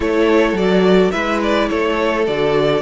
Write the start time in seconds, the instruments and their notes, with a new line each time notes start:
0.00 cello A3, viola E4, violin A4 C#5
0.52 cello F#3, viola F#4, violin D5
1.11 cello G#3, viola E4, violin B4 E5
1.42 violin D5
1.68 cello A3, violin A4 C#5
2.27 cello D3, viola F#4, violin D5